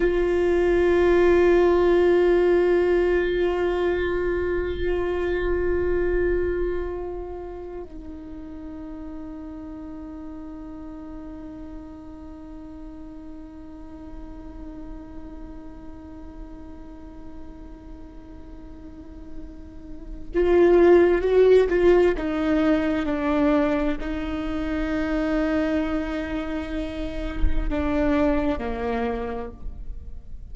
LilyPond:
\new Staff \with { instrumentName = "viola" } { \time 4/4 \tempo 4 = 65 f'1~ | f'1~ | f'8 dis'2.~ dis'8~ | dis'1~ |
dis'1~ | dis'2 f'4 fis'8 f'8 | dis'4 d'4 dis'2~ | dis'2 d'4 ais4 | }